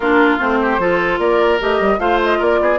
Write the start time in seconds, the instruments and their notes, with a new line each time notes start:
0.00 bassoon A#3, clarinet D4, oboe F4, flute A#4
0.39 bassoon A3, clarinet C4, flute C5
0.61 oboe G4
0.78 bassoon F3, clarinet F4, oboe A4
1.18 bassoon A#3, oboe A#4, flute D5
1.59 bassoon A3, clarinet G4, flute D#5
1.79 bassoon G3
1.98 bassoon A3, clarinet F4, oboe C5, flute F5
2.24 flute D#5
2.38 bassoon A#3, oboe A#4, flute D5
2.60 bassoon B3, oboe G#4